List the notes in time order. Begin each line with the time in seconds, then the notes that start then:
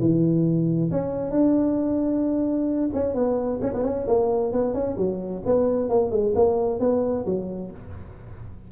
0.00 E3
0.91 C#4
1.31 D4
2.94 C#4
3.14 B3
3.62 C#4
3.74 B3
3.84 C#4
4.07 A#3
4.53 B3
4.74 C#4
4.98 F#3
5.46 B3
5.89 A#3
6.11 G#3
6.36 A#3
6.80 B3
7.26 F#3